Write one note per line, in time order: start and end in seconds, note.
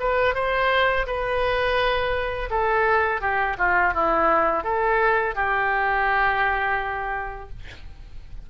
0.00 0.35 B4
0.35 1.06 C5
1.07 2.50 B4
2.51 3.21 A4
3.21 3.57 G4
3.58 3.94 F4
3.94 4.64 E4
4.64 5.35 A4
5.35 7.49 G4